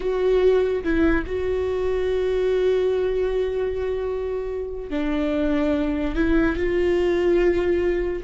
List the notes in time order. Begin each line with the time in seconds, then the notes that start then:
0.00 F#4
0.83 E4
1.26 F#4
4.90 D4
6.15 E4
6.56 F4